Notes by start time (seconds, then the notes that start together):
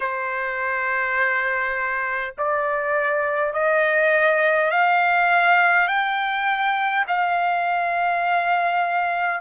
0.00 C5
2.37 D5
3.53 D#5
4.71 F5
5.87 G5
7.07 F5